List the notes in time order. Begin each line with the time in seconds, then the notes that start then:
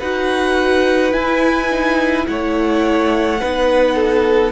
0.00 D#4 F#4 B4 F#5
1.13 E4 G#5
1.71 D#4
2.26 A3 E4 C#5 F#5
3.41 B3 D#4 B4
3.96 A4